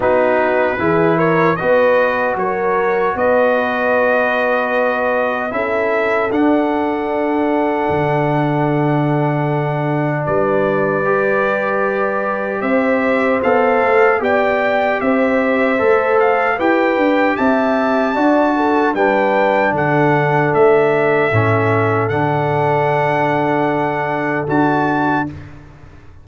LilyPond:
<<
  \new Staff \with { instrumentName = "trumpet" } { \time 4/4 \tempo 4 = 76 b'4. cis''8 dis''4 cis''4 | dis''2. e''4 | fis''1~ | fis''4 d''2. |
e''4 f''4 g''4 e''4~ | e''8 f''8 g''4 a''2 | g''4 fis''4 e''2 | fis''2. a''4 | }
  \new Staff \with { instrumentName = "horn" } { \time 4/4 fis'4 gis'8 ais'8 b'4 ais'4 | b'2. a'4~ | a'1~ | a'4 b'2. |
c''2 d''4 c''4~ | c''4 b'4 e''4 d''8 a'8 | b'4 a'2.~ | a'1 | }
  \new Staff \with { instrumentName = "trombone" } { \time 4/4 dis'4 e'4 fis'2~ | fis'2. e'4 | d'1~ | d'2 g'2~ |
g'4 a'4 g'2 | a'4 g'2 fis'4 | d'2. cis'4 | d'2. fis'4 | }
  \new Staff \with { instrumentName = "tuba" } { \time 4/4 b4 e4 b4 fis4 | b2. cis'4 | d'2 d2~ | d4 g2. |
c'4 b8 a8 b4 c'4 | a4 e'8 d'8 c'4 d'4 | g4 d4 a4 a,4 | d2. d'4 | }
>>